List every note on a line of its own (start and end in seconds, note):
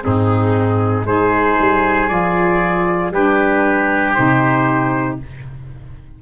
0.00 1.04 G#2
0.00 1.03 C4
0.00 1.07 D#4
0.00 1.07 G#4
1.04 1.56 G#3
1.04 2.09 D#4
1.04 3.13 G#4
1.04 2.09 C5
1.59 2.10 G3
2.09 3.11 F3
2.09 3.12 F4
2.09 3.12 D5
3.11 4.14 G3
3.11 4.16 D4
3.11 5.20 G4
3.11 4.14 B4
4.14 5.22 C3
4.14 5.20 D#4
4.14 5.17 C5